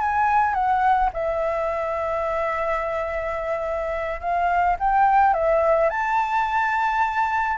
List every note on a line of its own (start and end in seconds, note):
0.00 0.54 G#5
0.54 1.10 F#5
1.13 4.20 E5
4.20 4.76 F5
4.79 5.33 G5
5.33 5.90 E5
5.90 7.57 A5